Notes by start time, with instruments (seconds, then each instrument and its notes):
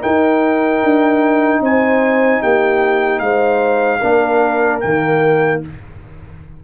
0.00 trombone D#4, tuba D#4, horn A#4, trumpet G5
0.83 tuba D4
1.60 tuba C4, horn C5, trumpet G#5
2.41 tuba A#3, horn G4, trumpet G5
3.19 tuba G#3, horn C5, trumpet F5
3.99 tuba A#3, trombone D4, horn A#4
4.80 tuba D#3, trombone A#3, trumpet G5